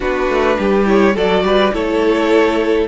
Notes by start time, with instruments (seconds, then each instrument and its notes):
0.00 cello B3, viola D4, violin F#4 B4
0.28 cello A3
0.58 cello G3, violin G4
0.85 viola E4, violin C#5
1.15 cello F#3, viola F#4, violin A4 D5
1.43 cello G3, violin B4
1.72 cello A3, viola E4, violin A4 C#5